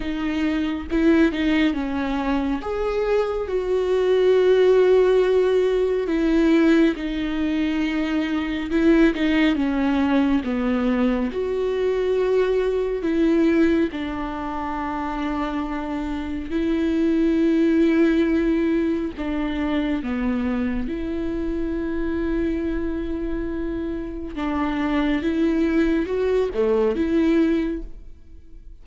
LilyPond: \new Staff \with { instrumentName = "viola" } { \time 4/4 \tempo 4 = 69 dis'4 e'8 dis'8 cis'4 gis'4 | fis'2. e'4 | dis'2 e'8 dis'8 cis'4 | b4 fis'2 e'4 |
d'2. e'4~ | e'2 d'4 b4 | e'1 | d'4 e'4 fis'8 a8 e'4 | }